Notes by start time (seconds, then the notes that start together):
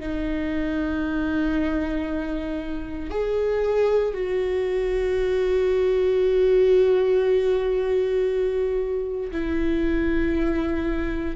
0.00 D#4
3.11 G#4
4.14 F#4
9.32 E4